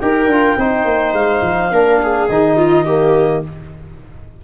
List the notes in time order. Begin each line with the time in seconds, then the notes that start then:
0.00 D#4 G4 A#4 G5
0.27 D4 F4
0.57 C4 D#4 C5
0.85 A#3
1.13 G#3 F5
1.42 F3
1.71 A#3 D4 A#4
2.03 G#4
2.28 D#3 D#4 D#5
2.57 F4
2.85 A#3 G4